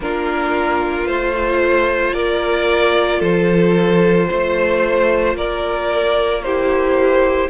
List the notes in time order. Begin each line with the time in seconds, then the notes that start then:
0.00 A#3 D4 F4 A#4
1.06 A3 F4 C5
2.13 A#3 A#4 D5
3.19 F3 A4 C5
4.28 A3 C5
5.34 A#3 A#4 D5
6.42 E4 G4 C5